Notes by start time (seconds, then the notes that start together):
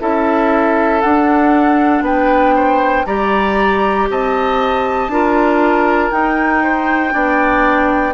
0.00 C#4 E4 A4 E5
1.01 D4 F#5
2.01 B3 B4 G5
2.55 C5
3.05 G3 G4 D5 A#5
4.10 C4 D#5 A5
5.08 D4 F4 A#4
6.11 D#4 G5
6.63 C5
7.11 B3 D4 D5